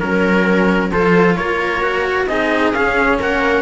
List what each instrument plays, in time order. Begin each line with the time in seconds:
0.00 cello F#3 C#4, trumpet A#4, viola A#4
0.91 cello F3 F4, viola A4, trumpet C5
1.36 cello A#3, viola A#4, trumpet C#5
1.82 cello F#4
2.28 cello C4 D#4, viola G#4, trumpet D#5
2.73 cello C#4, trumpet F5
3.19 cello A#3, viola A#4, trumpet F#5